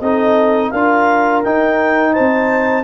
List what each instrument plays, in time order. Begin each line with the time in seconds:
0.00 tuba C4, trombone D#4, horn A4, clarinet D#5
0.70 tuba D4, trombone F4, horn A#4, clarinet F5
1.43 trombone D#4, tuba D#4, clarinet G5
2.12 horn C5, clarinet A5
2.19 tuba C4